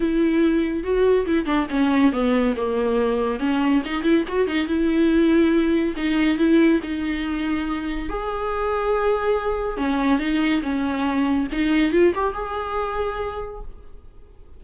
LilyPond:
\new Staff \with { instrumentName = "viola" } { \time 4/4 \tempo 4 = 141 e'2 fis'4 e'8 d'8 | cis'4 b4 ais2 | cis'4 dis'8 e'8 fis'8 dis'8 e'4~ | e'2 dis'4 e'4 |
dis'2. gis'4~ | gis'2. cis'4 | dis'4 cis'2 dis'4 | f'8 g'8 gis'2. | }